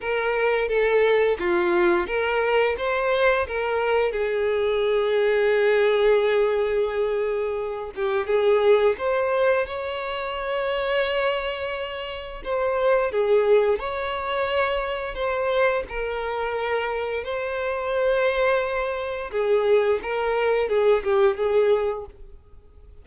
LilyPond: \new Staff \with { instrumentName = "violin" } { \time 4/4 \tempo 4 = 87 ais'4 a'4 f'4 ais'4 | c''4 ais'4 gis'2~ | gis'2.~ gis'8 g'8 | gis'4 c''4 cis''2~ |
cis''2 c''4 gis'4 | cis''2 c''4 ais'4~ | ais'4 c''2. | gis'4 ais'4 gis'8 g'8 gis'4 | }